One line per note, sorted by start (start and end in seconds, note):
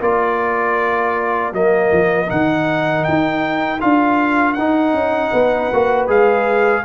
0.00 1.52 A#3
0.00 1.53 F4
0.00 5.31 A#4
0.00 1.53 D5
1.52 1.90 F#3
1.52 2.26 A#3
1.52 2.29 D#5
1.92 2.30 F3
2.26 3.07 D#3
2.26 3.78 D#4
2.26 3.04 F#5
3.04 3.82 D#4
3.04 3.80 G5
3.80 4.57 D4
3.80 4.56 F4
3.80 4.53 F5
4.53 4.93 D#4
4.53 5.73 D#4
4.53 6.05 F#5
4.93 5.31 C#4
5.31 5.71 B3
5.31 6.83 B4
5.72 6.08 A#3
5.72 6.07 F#4
6.07 6.84 G#3
6.07 6.83 G#4
6.07 6.84 F5